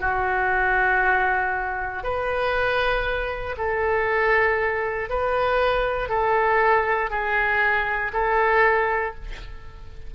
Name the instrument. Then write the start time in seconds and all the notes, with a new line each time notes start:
oboe
0.00 F#4
2.03 B4
3.57 A4
5.09 B4
6.09 A4
7.10 G#4
8.13 A4